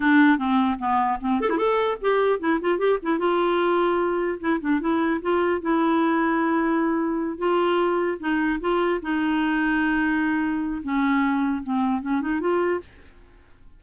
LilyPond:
\new Staff \with { instrumentName = "clarinet" } { \time 4/4 \tempo 4 = 150 d'4 c'4 b4 c'8 a'16 e'16 | a'4 g'4 e'8 f'8 g'8 e'8 | f'2. e'8 d'8 | e'4 f'4 e'2~ |
e'2~ e'8 f'4.~ | f'8 dis'4 f'4 dis'4.~ | dis'2. cis'4~ | cis'4 c'4 cis'8 dis'8 f'4 | }